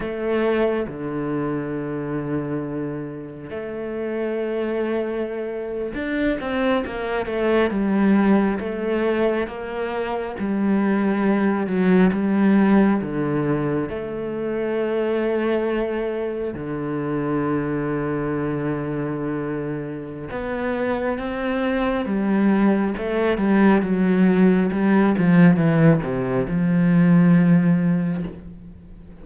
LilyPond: \new Staff \with { instrumentName = "cello" } { \time 4/4 \tempo 4 = 68 a4 d2. | a2~ a8. d'8 c'8 ais16~ | ais16 a8 g4 a4 ais4 g16~ | g4~ g16 fis8 g4 d4 a16~ |
a2~ a8. d4~ d16~ | d2. b4 | c'4 g4 a8 g8 fis4 | g8 f8 e8 c8 f2 | }